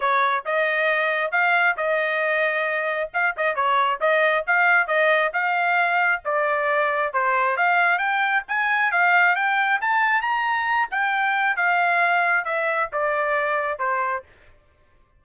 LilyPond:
\new Staff \with { instrumentName = "trumpet" } { \time 4/4 \tempo 4 = 135 cis''4 dis''2 f''4 | dis''2. f''8 dis''8 | cis''4 dis''4 f''4 dis''4 | f''2 d''2 |
c''4 f''4 g''4 gis''4 | f''4 g''4 a''4 ais''4~ | ais''8 g''4. f''2 | e''4 d''2 c''4 | }